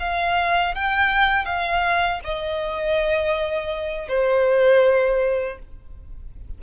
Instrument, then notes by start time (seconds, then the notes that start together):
violin
0.00 F5
0.75 G5
1.46 F5
2.24 D#5
4.09 C5